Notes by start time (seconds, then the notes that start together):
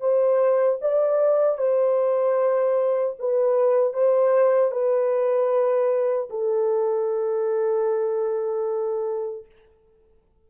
0.00 C5
0.81 D5
1.58 C5
3.19 B4
3.93 C5
4.71 B4
6.29 A4